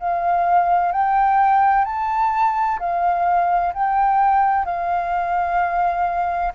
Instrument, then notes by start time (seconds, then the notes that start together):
flute
0.00 F5
0.92 G5
1.85 A5
2.80 F5
3.74 G5
4.66 F5